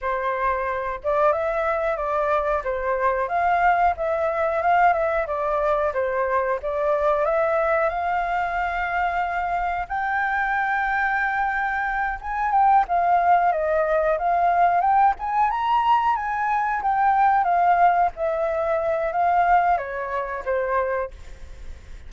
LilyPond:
\new Staff \with { instrumentName = "flute" } { \time 4/4 \tempo 4 = 91 c''4. d''8 e''4 d''4 | c''4 f''4 e''4 f''8 e''8 | d''4 c''4 d''4 e''4 | f''2. g''4~ |
g''2~ g''8 gis''8 g''8 f''8~ | f''8 dis''4 f''4 g''8 gis''8 ais''8~ | ais''8 gis''4 g''4 f''4 e''8~ | e''4 f''4 cis''4 c''4 | }